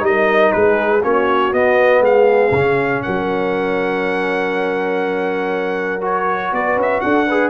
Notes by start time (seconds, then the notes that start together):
0.00 G3 D#4 D#5
0.07 A#4
0.52 G#3 G#4 B4
1.03 A#3 C#4 F#4 C#5
1.53 B3 D#5
2.01 G#3 G#4 F5
2.51 C#3 C#4
3.03 F#3 A#4 F#5
6.01 F#4 C#5
6.52 B3 B4 D5
6.76 C#4 E5
7.01 D4 A4 F#5
7.27 G#4 B4